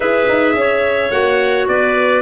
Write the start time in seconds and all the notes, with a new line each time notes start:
0.00 E4 G#4 B4 E5
0.28 D#4
0.53 C#4 C#5
1.11 A#3 F#4 F#5
1.68 B3 B4 D5